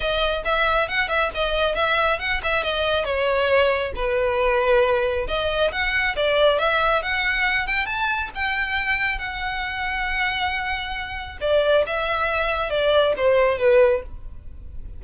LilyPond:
\new Staff \with { instrumentName = "violin" } { \time 4/4 \tempo 4 = 137 dis''4 e''4 fis''8 e''8 dis''4 | e''4 fis''8 e''8 dis''4 cis''4~ | cis''4 b'2. | dis''4 fis''4 d''4 e''4 |
fis''4. g''8 a''4 g''4~ | g''4 fis''2.~ | fis''2 d''4 e''4~ | e''4 d''4 c''4 b'4 | }